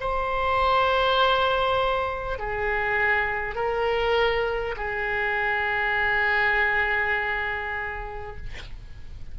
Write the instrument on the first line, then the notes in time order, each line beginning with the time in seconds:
oboe
0.00 C5
2.38 G#4
3.55 A#4
4.76 G#4